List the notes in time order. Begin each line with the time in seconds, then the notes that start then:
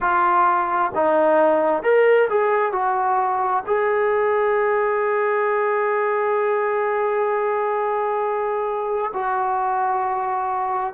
0.00 F4
0.94 D#4
1.82 A#4
2.29 G#4
2.72 F#4
3.66 G#4
9.13 F#4